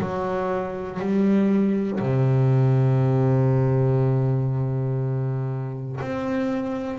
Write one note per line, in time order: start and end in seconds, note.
0.00 0.99 F#3
0.99 1.99 G3
2.00 6.00 C3
6.00 6.98 C4